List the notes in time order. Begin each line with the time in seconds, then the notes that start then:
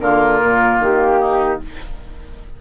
0.00 D3 A#3 F4 A#4
0.44 A#2
0.80 D#3 G4
1.20 D#4